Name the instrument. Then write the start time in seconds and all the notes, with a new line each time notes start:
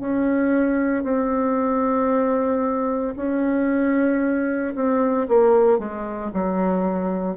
bassoon
0.00 C#4
1.04 C4
3.17 C#4
4.75 C4
5.29 A#3
5.79 G#3
6.34 F#3